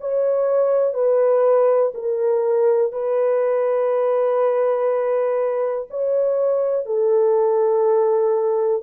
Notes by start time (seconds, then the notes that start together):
0.00 C#5
0.93 B4
1.94 A#4
2.92 B4
5.90 C#5
6.85 A4